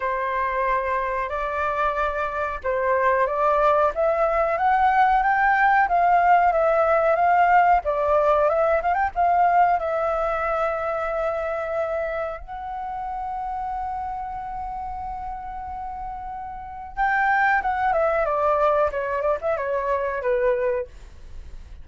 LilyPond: \new Staff \with { instrumentName = "flute" } { \time 4/4 \tempo 4 = 92 c''2 d''2 | c''4 d''4 e''4 fis''4 | g''4 f''4 e''4 f''4 | d''4 e''8 f''16 g''16 f''4 e''4~ |
e''2. fis''4~ | fis''1~ | fis''2 g''4 fis''8 e''8 | d''4 cis''8 d''16 e''16 cis''4 b'4 | }